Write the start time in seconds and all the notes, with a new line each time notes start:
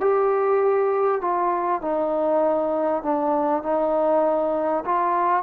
0.00 G4
1.21 F4
1.81 D#4
3.02 D4
3.63 D#4
4.85 F4